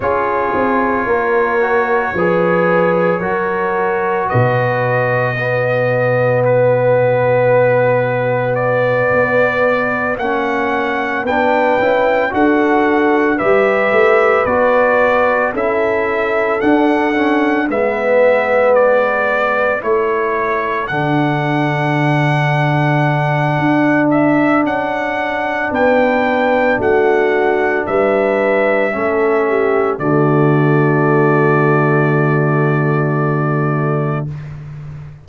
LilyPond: <<
  \new Staff \with { instrumentName = "trumpet" } { \time 4/4 \tempo 4 = 56 cis''1 | dis''2 b'2 | d''4. fis''4 g''4 fis''8~ | fis''8 e''4 d''4 e''4 fis''8~ |
fis''8 e''4 d''4 cis''4 fis''8~ | fis''2~ fis''8 e''8 fis''4 | g''4 fis''4 e''2 | d''1 | }
  \new Staff \with { instrumentName = "horn" } { \time 4/4 gis'4 ais'4 b'4 ais'4 | b'4 fis'2.~ | fis'2~ fis'8 b'4 a'8~ | a'8 b'2 a'4.~ |
a'8 b'2 a'4.~ | a'1 | b'4 fis'4 b'4 a'8 g'8 | fis'1 | }
  \new Staff \with { instrumentName = "trombone" } { \time 4/4 f'4. fis'8 gis'4 fis'4~ | fis'4 b2.~ | b4. cis'4 d'8 e'8 fis'8~ | fis'8 g'4 fis'4 e'4 d'8 |
cis'8 b2 e'4 d'8~ | d'1~ | d'2. cis'4 | a1 | }
  \new Staff \with { instrumentName = "tuba" } { \time 4/4 cis'8 c'8 ais4 f4 fis4 | b,1~ | b,8 b4 ais4 b8 cis'8 d'8~ | d'8 g8 a8 b4 cis'4 d'8~ |
d'8 gis2 a4 d8~ | d2 d'4 cis'4 | b4 a4 g4 a4 | d1 | }
>>